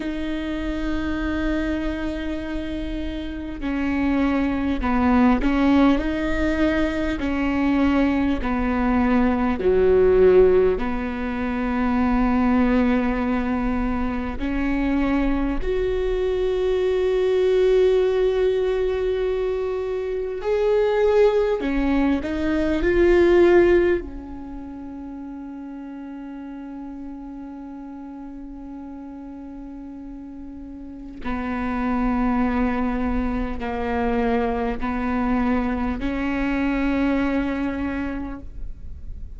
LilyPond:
\new Staff \with { instrumentName = "viola" } { \time 4/4 \tempo 4 = 50 dis'2. cis'4 | b8 cis'8 dis'4 cis'4 b4 | fis4 b2. | cis'4 fis'2.~ |
fis'4 gis'4 cis'8 dis'8 f'4 | cis'1~ | cis'2 b2 | ais4 b4 cis'2 | }